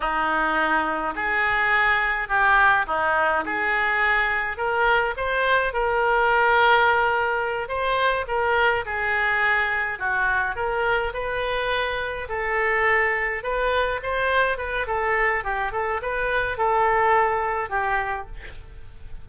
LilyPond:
\new Staff \with { instrumentName = "oboe" } { \time 4/4 \tempo 4 = 105 dis'2 gis'2 | g'4 dis'4 gis'2 | ais'4 c''4 ais'2~ | ais'4. c''4 ais'4 gis'8~ |
gis'4. fis'4 ais'4 b'8~ | b'4. a'2 b'8~ | b'8 c''4 b'8 a'4 g'8 a'8 | b'4 a'2 g'4 | }